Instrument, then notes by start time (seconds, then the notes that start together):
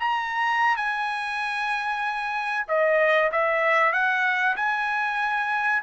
trumpet
0.00 A#5
0.77 G#5
2.68 D#5
3.32 E5
3.93 F#5
4.57 G#5